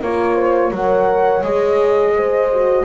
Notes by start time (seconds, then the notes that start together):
0.00 A#3 F4 A#4 C#5
0.35 C5
0.71 F#3 A#4 C#5 F#5
1.43 G#3 G#4 D#5
2.16 C5
2.53 F#4